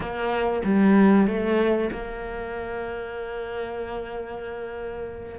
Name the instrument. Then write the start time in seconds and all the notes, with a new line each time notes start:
cello
0.00 A#3
0.64 G3
1.27 A3
1.91 A#3